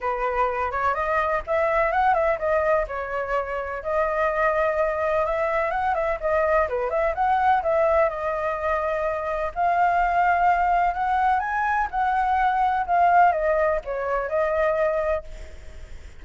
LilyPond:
\new Staff \with { instrumentName = "flute" } { \time 4/4 \tempo 4 = 126 b'4. cis''8 dis''4 e''4 | fis''8 e''8 dis''4 cis''2 | dis''2. e''4 | fis''8 e''8 dis''4 b'8 e''8 fis''4 |
e''4 dis''2. | f''2. fis''4 | gis''4 fis''2 f''4 | dis''4 cis''4 dis''2 | }